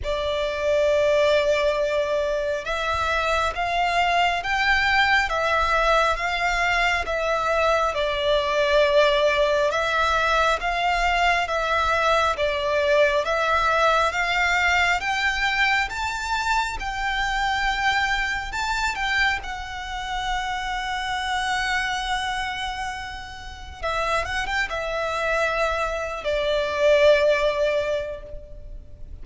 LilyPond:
\new Staff \with { instrumentName = "violin" } { \time 4/4 \tempo 4 = 68 d''2. e''4 | f''4 g''4 e''4 f''4 | e''4 d''2 e''4 | f''4 e''4 d''4 e''4 |
f''4 g''4 a''4 g''4~ | g''4 a''8 g''8 fis''2~ | fis''2. e''8 fis''16 g''16 | e''4.~ e''16 d''2~ d''16 | }